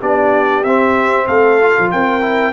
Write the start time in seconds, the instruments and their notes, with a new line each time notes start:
0.00 tuba B3, trombone D4, horn G4, trumpet D5
0.63 tuba C4, trombone C4, trumpet E5
1.26 tuba A3, horn A4, trumpet F5
1.61 trombone F4
1.78 tuba F3
1.91 tuba C4, horn A#4, trumpet G5
2.21 trombone E4